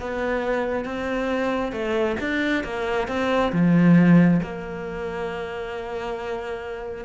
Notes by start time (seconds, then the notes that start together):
0.00 B3
0.85 C4
1.72 A3
2.21 D4
2.64 A#3
3.08 C4
3.52 F3
4.43 A#3